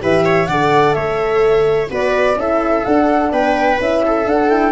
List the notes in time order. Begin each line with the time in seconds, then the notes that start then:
0.00 E3 G4 B4 E5
0.25 C#5
0.46 D3 A4 D5 F#5
0.93 A3 C#5 E5
1.89 B3 F#4 B4 D5
2.35 C#4 E4 A4 E5
2.84 D4 F#5
3.32 B3 B4 G5
3.79 C#4 E4 E5
4.05 A4
4.25 D4 F#5
4.49 E4 G5